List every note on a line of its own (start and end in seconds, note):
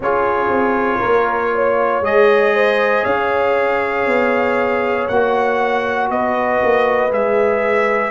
0.00 0.48 C#4
0.00 2.03 F4
0.00 0.99 G#4
0.00 2.04 C#5
0.48 0.99 C4
0.99 2.00 A#3
0.99 1.50 A#4
1.54 2.54 C#5
2.00 3.02 G#3
2.00 5.08 G#4
2.00 3.04 D#5
2.54 3.03 C5
3.03 4.06 C#4
3.03 6.08 C#5
3.03 5.07 F5
4.06 5.08 B3
5.07 6.10 A#3
5.07 7.10 F#4
5.07 6.09 F#5
6.10 6.61 B3
6.10 8.11 B4
6.10 7.12 D#5
6.63 7.10 A#3
7.10 8.11 G#3
7.10 8.11 G#4
7.10 8.11 E5